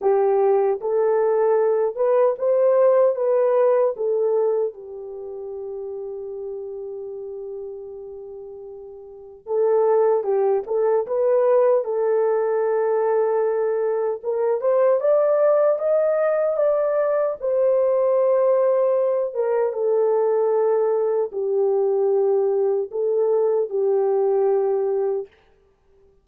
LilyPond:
\new Staff \with { instrumentName = "horn" } { \time 4/4 \tempo 4 = 76 g'4 a'4. b'8 c''4 | b'4 a'4 g'2~ | g'1 | a'4 g'8 a'8 b'4 a'4~ |
a'2 ais'8 c''8 d''4 | dis''4 d''4 c''2~ | c''8 ais'8 a'2 g'4~ | g'4 a'4 g'2 | }